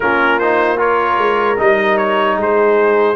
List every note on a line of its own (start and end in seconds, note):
0.00 1.17 A#3
0.00 0.41 C#4
0.00 0.78 F4
0.00 0.39 A#4
0.39 0.77 D#4
0.39 0.78 C5
0.77 1.56 F4
0.77 2.36 A#4
0.77 1.59 C#5
1.17 1.57 G#3
1.57 2.36 G3
1.57 3.15 D#4
1.57 1.97 D#5
1.97 2.37 C#5
2.36 3.15 G#3
2.36 3.15 G#4
2.36 3.15 C5